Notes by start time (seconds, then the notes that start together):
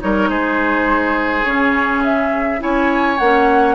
0.00 G3 D#4 A#4 C#5
0.29 G#3 G#4 C5
1.44 C#3 C#4 C#5
2.03 E5
2.59 C#4 E4 C#5 G#5
3.18 A#3 C#4 F#5